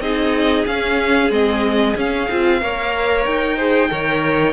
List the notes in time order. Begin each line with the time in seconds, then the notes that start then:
0.00 C4 D#4 G#4 D#5
0.67 C#4 F5
1.31 G#3 C4 D#5
1.96 C#4 F5
2.31 C4 F4
2.62 A#3 A#4 C#5
3.26 D#4 G5
3.57 G#4 C5
3.90 D#3 A#4 C#5